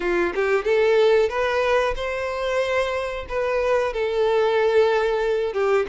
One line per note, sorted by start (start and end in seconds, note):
0.00 0.33 F4
0.34 0.64 G4
0.64 1.29 A4
1.29 1.94 B4
1.95 3.25 C5
3.28 3.93 B4
3.93 5.53 A4
5.53 5.85 G4